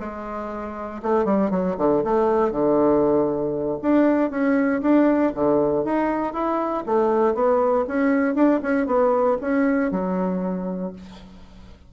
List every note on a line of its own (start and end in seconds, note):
0.00 1.02 G#3
1.03 1.26 A3
1.26 1.51 G3
1.51 1.76 F#3
1.78 2.04 D3
2.05 2.52 A3
2.52 3.79 D3
3.83 4.31 D4
4.31 4.82 C#4
4.82 5.33 D4
5.35 5.85 D3
5.85 6.34 D#4
6.34 6.84 E4
6.87 7.35 A3
7.35 7.86 B3
7.88 8.35 C#4
8.35 8.61 D4
8.63 8.87 C#4
8.87 9.38 B3
9.42 9.92 C#4
9.92 10.93 F#3